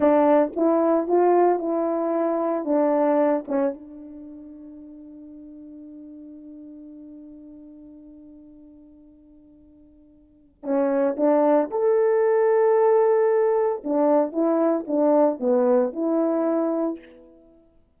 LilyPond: \new Staff \with { instrumentName = "horn" } { \time 4/4 \tempo 4 = 113 d'4 e'4 f'4 e'4~ | e'4 d'4. cis'8 d'4~ | d'1~ | d'1~ |
d'1 | cis'4 d'4 a'2~ | a'2 d'4 e'4 | d'4 b4 e'2 | }